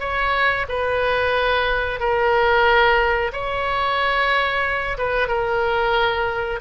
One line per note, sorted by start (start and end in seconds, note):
0.00 0.66 C#5
0.69 2.00 B4
2.00 3.32 A#4
3.33 4.98 C#5
4.98 5.28 B4
5.28 6.60 A#4